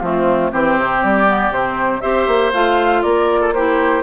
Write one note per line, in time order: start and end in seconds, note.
0.00 0.52 F3
0.00 0.54 A3
0.00 0.52 C4
0.00 0.50 F4
0.52 0.78 E3
0.52 1.27 C4
0.52 2.02 G4
0.52 1.04 C5
0.78 1.03 C3
1.04 1.50 G3
1.04 1.53 D5
1.27 1.53 B3
1.50 2.01 C3
1.50 2.02 C4
1.50 2.01 C5
2.01 2.28 C4
2.01 2.52 G4
2.01 3.03 C5
2.01 2.51 E5
2.28 2.53 A#3
2.53 3.04 A3
2.53 3.55 F4
2.53 3.03 F5
3.03 4.03 A#3
3.03 3.40 A#4
3.03 3.53 D5
3.41 3.53 A4
3.54 4.03 E4
3.54 4.03 G4
3.54 4.03 C5